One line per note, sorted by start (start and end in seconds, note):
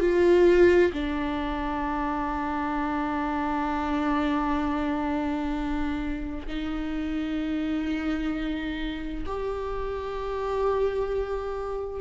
0.00 0.92 F4
0.93 6.47 D4
6.47 9.24 D#4
9.26 12.01 G4